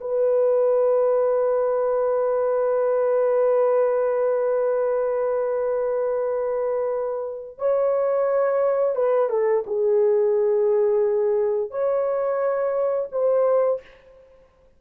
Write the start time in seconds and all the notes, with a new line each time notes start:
0.00 B4
7.58 C#5
8.95 B4
9.29 A4
9.66 G#4
11.70 C#5
13.12 C5